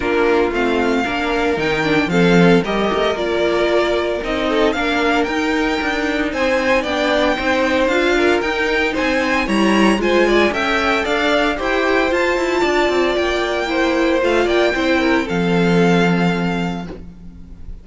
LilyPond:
<<
  \new Staff \with { instrumentName = "violin" } { \time 4/4 \tempo 4 = 114 ais'4 f''2 g''4 | f''4 dis''4 d''2 | dis''4 f''4 g''2 | gis''4 g''2 f''4 |
g''4 gis''4 ais''4 gis''4 | g''4 f''4 g''4 a''4~ | a''4 g''2 f''8 g''8~ | g''4 f''2. | }
  \new Staff \with { instrumentName = "violin" } { \time 4/4 f'2 ais'2 | a'4 ais'2.~ | ais'8 a'8 ais'2. | c''4 d''4 c''4. ais'8~ |
ais'4 c''4 cis''4 c''8 d''8 | e''4 d''4 c''2 | d''2 c''4. d''8 | c''8 ais'8 a'2. | }
  \new Staff \with { instrumentName = "viola" } { \time 4/4 d'4 c'4 d'4 dis'8 d'8 | c'4 g'4 f'2 | dis'4 d'4 dis'2~ | dis'4 d'4 dis'4 f'4 |
dis'2 e'4 f'4 | a'2 g'4 f'4~ | f'2 e'4 f'4 | e'4 c'2. | }
  \new Staff \with { instrumentName = "cello" } { \time 4/4 ais4 a4 ais4 dis4 | f4 g8 a8 ais2 | c'4 ais4 dis'4 d'4 | c'4 b4 c'4 d'4 |
dis'4 c'4 g4 gis4 | cis'4 d'4 e'4 f'8 e'8 | d'8 c'8 ais2 a8 ais8 | c'4 f2. | }
>>